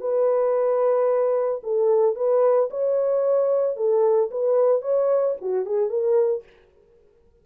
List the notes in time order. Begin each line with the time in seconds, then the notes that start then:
0.00 B4
1.63 A4
2.15 B4
2.70 C#5
3.76 A4
4.30 B4
4.81 C#5
5.41 F#4
5.65 G#4
5.89 A#4